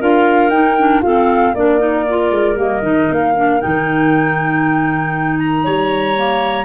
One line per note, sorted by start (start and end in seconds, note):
0.00 0.49 D4
0.00 0.51 F4
0.00 1.03 A#4
0.00 0.49 F5
0.49 1.00 D#4
0.49 0.76 D#4
0.49 1.01 G5
0.78 1.03 D4
1.02 1.56 C4
1.02 1.53 F4
1.02 1.54 A4
1.02 1.54 F5
1.54 2.31 A#3
1.54 1.78 D4
1.54 5.64 A#4
1.54 2.57 D5
1.78 2.04 D#4
2.09 2.55 F4
2.31 2.56 G#3
2.55 2.81 G3
2.55 2.81 A#3
2.55 3.12 D#5
2.82 3.08 D#3
2.82 3.33 D#4
3.10 3.62 A#3
3.10 3.61 F5
3.36 3.59 D4
3.59 5.66 D#3
3.59 6.16 D#4
3.59 5.39 G5
5.39 6.64 A#5
5.64 6.64 G3
5.64 6.64 C#5
6.16 6.64 A#3